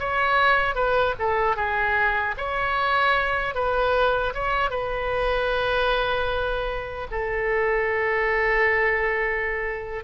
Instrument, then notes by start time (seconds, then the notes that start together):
oboe
0.00 C#5
0.76 B4
1.19 A4
1.56 G#4
2.38 C#5
3.55 B4
4.35 C#5
4.71 B4
7.11 A4